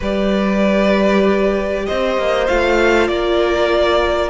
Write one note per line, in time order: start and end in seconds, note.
0.00 1.87 G3
0.00 2.46 G4
0.00 1.84 B4
0.00 1.85 D5
1.85 2.17 C4
1.85 3.10 C5
1.85 2.47 D#5
2.17 2.48 A#3
2.46 3.09 A3
2.46 4.29 F4
2.46 3.07 F5
3.07 4.29 A#3
3.07 4.29 A#4
3.07 4.29 D5